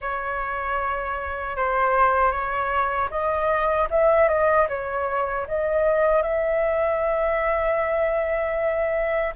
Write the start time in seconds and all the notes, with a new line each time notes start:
0.01 C#5
1.56 C5
2.31 C#5
3.10 D#5
3.90 E5
4.28 D#5
4.68 C#5
5.47 D#5
6.22 E5